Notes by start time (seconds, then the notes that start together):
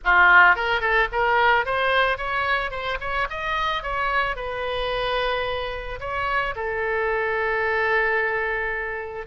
0.04 F4
0.55 A#4
0.80 A4
1.12 A#4
1.65 C5
2.17 C#5
2.70 C5
3.00 C#5
3.30 D#5
3.82 C#5
4.36 B4
6.00 C#5
6.55 A4